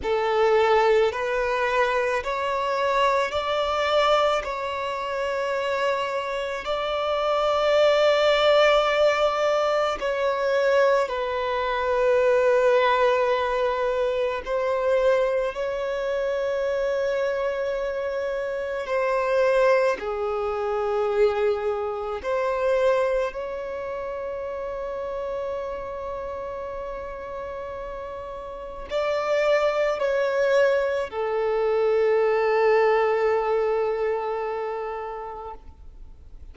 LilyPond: \new Staff \with { instrumentName = "violin" } { \time 4/4 \tempo 4 = 54 a'4 b'4 cis''4 d''4 | cis''2 d''2~ | d''4 cis''4 b'2~ | b'4 c''4 cis''2~ |
cis''4 c''4 gis'2 | c''4 cis''2.~ | cis''2 d''4 cis''4 | a'1 | }